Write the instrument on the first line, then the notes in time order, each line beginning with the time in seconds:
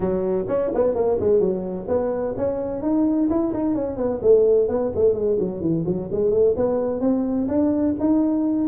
tuba
0.00 F#3
0.48 C#4
0.74 B3
0.95 A#3
1.20 G#3
1.40 F#3
1.87 B3
2.37 C#4
2.81 D#4
3.29 E4
3.53 D#4
3.74 C#4
3.96 B3
4.22 A3
4.68 B3
4.95 A3
5.13 G#3
5.39 F#3
5.60 E3
5.86 F#3
6.11 G#3
6.30 A3
6.56 B3
7.00 C4
7.47 D4
7.99 D#4